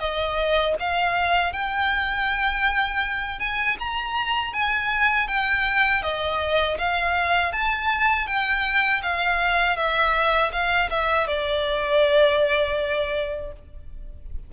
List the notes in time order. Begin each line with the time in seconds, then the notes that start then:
0.00 D#5
0.80 F5
1.53 G5
3.40 G#5
3.80 A#5
4.54 G#5
5.28 G5
6.03 D#5
6.78 F5
7.53 A5
8.27 G5
9.03 F5
9.77 E5
10.53 F5
10.90 E5
11.28 D5